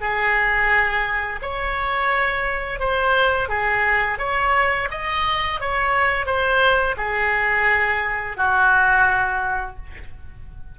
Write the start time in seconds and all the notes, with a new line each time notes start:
0.00 G#4
1.42 C#5
2.79 C5
3.49 G#4
4.19 C#5
4.91 D#5
5.60 C#5
6.26 C5
6.97 G#4
8.37 F#4